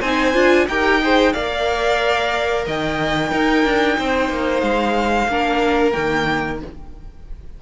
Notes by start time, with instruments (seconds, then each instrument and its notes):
0.00 cello C4, viola D#4, violin C5 G#5
0.34 cello D4, viola F4
0.68 cello D#4, viola G4, violin A#4 G5
1.02 viola G#4, violin C5
1.33 cello A#3, viola A#4, violin D5 F5
2.66 cello D#3, violin D#5 G5
3.31 viola D#4, cello D#4, violin A#4
3.65 cello D4
3.99 cello C4, violin C5
4.30 cello A#3
4.61 cello G#3, violin F5
5.28 cello A#3, viola D4, violin A#4
5.92 cello D#3, viola A#3, violin G5